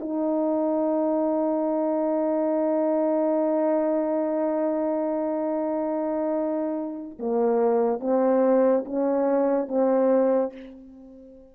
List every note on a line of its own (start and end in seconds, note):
0.00 7.18 D#4
7.19 8.00 A#3
8.00 8.85 C4
8.85 9.68 C#4
9.68 10.53 C4